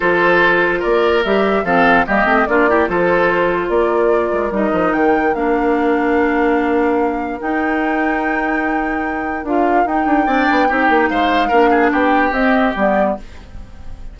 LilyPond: <<
  \new Staff \with { instrumentName = "flute" } { \time 4/4 \tempo 4 = 146 c''2 d''4 e''4 | f''4 dis''4 d''4 c''4~ | c''4 d''2 dis''4 | g''4 f''2.~ |
f''2 g''2~ | g''2. f''4 | g''2. f''4~ | f''4 g''4 dis''4 d''4 | }
  \new Staff \with { instrumentName = "oboe" } { \time 4/4 a'2 ais'2 | a'4 g'4 f'8 g'8 a'4~ | a'4 ais'2.~ | ais'1~ |
ais'1~ | ais'1~ | ais'4 d''4 g'4 c''4 | ais'8 gis'8 g'2. | }
  \new Staff \with { instrumentName = "clarinet" } { \time 4/4 f'2. g'4 | c'4 ais8 c'8 d'8 e'8 f'4~ | f'2. dis'4~ | dis'4 d'2.~ |
d'2 dis'2~ | dis'2. f'4 | dis'4 d'4 dis'2 | d'2 c'4 b4 | }
  \new Staff \with { instrumentName = "bassoon" } { \time 4/4 f2 ais4 g4 | f4 g8 a8 ais4 f4~ | f4 ais4. gis8 g8 f8 | dis4 ais2.~ |
ais2 dis'2~ | dis'2. d'4 | dis'8 d'8 c'8 b8 c'8 ais8 gis4 | ais4 b4 c'4 g4 | }
>>